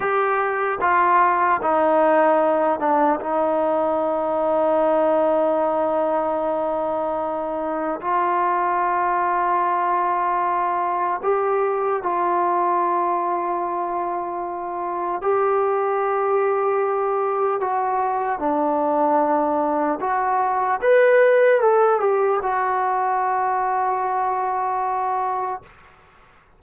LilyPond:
\new Staff \with { instrumentName = "trombone" } { \time 4/4 \tempo 4 = 75 g'4 f'4 dis'4. d'8 | dis'1~ | dis'2 f'2~ | f'2 g'4 f'4~ |
f'2. g'4~ | g'2 fis'4 d'4~ | d'4 fis'4 b'4 a'8 g'8 | fis'1 | }